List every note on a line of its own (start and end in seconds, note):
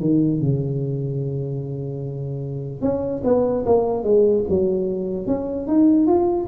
0.00 0.41 D#3
0.41 2.82 C#3
2.82 3.22 C#4
3.24 3.64 B3
3.66 4.04 A#3
4.04 4.44 G#3
4.49 5.27 F#3
5.27 5.67 C#4
5.67 6.07 D#4
6.07 6.47 F4